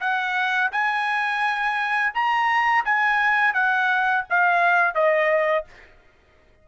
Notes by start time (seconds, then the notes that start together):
0.00 F#5
0.72 G#5
2.14 A#5
2.85 G#5
3.54 F#5
4.29 F5
4.94 D#5